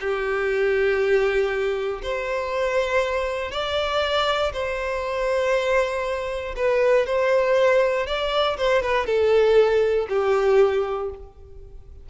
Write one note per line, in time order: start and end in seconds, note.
0.00 2.02 G4
2.03 3.51 C5
3.51 4.52 D5
4.53 6.55 C5
6.56 7.06 B4
7.06 8.06 C5
8.06 8.57 D5
8.57 8.82 C5
8.82 9.06 B4
9.06 10.07 A4
10.09 11.10 G4